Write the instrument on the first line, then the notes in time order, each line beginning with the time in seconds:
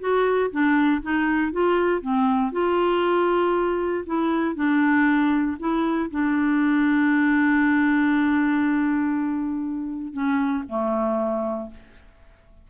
clarinet
0.00 F#4
0.51 D4
1.02 D#4
1.52 F4
2.02 C4
2.52 F4
4.06 E4
4.56 D4
5.60 E4
6.11 D4
10.13 C#4
10.68 A3